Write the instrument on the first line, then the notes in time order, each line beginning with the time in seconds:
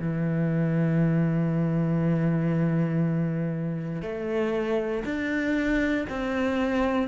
cello
0.00 E3
4.02 A3
5.05 D4
6.10 C4